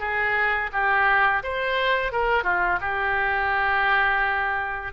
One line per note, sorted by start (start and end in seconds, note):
0.00 0.71 G#4
0.73 1.43 G4
1.43 2.12 C5
2.12 2.44 A#4
2.44 2.79 F4
2.81 4.93 G4